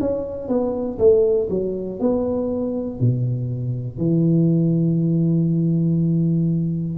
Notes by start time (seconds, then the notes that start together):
0.00 C#4
0.49 B3
0.99 A3
1.50 F#3
2.00 B3
3.00 B2
3.98 E3